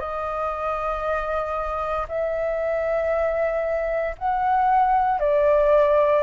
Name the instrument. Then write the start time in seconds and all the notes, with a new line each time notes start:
flute
0.00 D#5
2.09 E5
4.18 F#5
5.20 D5